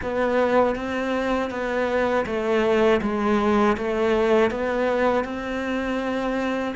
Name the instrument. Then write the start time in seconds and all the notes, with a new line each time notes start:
cello
0.02 B3
0.75 C4
1.50 B3
2.25 A3
3.01 G#3
3.77 A3
4.50 B3
5.24 C4